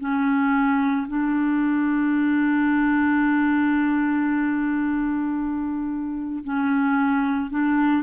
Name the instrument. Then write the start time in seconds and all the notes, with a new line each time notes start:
clarinet
0.00 C#4
1.08 D4
6.44 C#4
7.50 D4